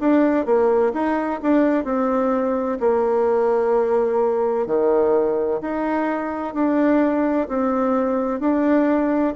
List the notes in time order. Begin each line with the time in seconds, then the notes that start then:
0.00 D4
0.46 A#3
0.93 D#4
1.42 D4
1.85 C4
2.80 A#3
4.67 D#3
5.61 D#4
6.54 D4
7.48 C4
8.40 D4